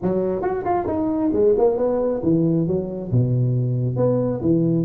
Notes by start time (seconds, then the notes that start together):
0.02 F#3
0.42 F#4
0.64 F4
0.87 D#4
1.33 G#3
1.58 A#3
1.77 B3
2.23 E3
2.67 F#3
3.11 B2
3.96 B3
4.41 E3